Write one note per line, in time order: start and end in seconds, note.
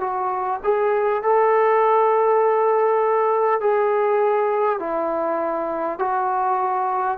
0.00 0.60 F#4
0.64 1.23 G#4
1.23 3.61 A4
3.61 4.79 G#4
4.79 5.99 E4
5.99 7.18 F#4